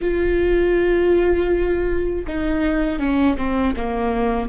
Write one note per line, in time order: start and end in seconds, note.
0.01 2.26 F4
2.27 2.99 D#4
2.99 3.36 C#4
3.37 3.74 C4
3.76 4.48 A#3